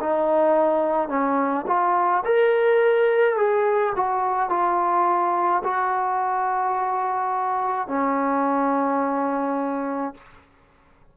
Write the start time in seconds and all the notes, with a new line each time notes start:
0.00 D#4
1.09 C#4
1.67 F4
2.25 A#4
3.37 G#4
3.96 F#4
4.49 F4
5.63 F#4
7.88 C#4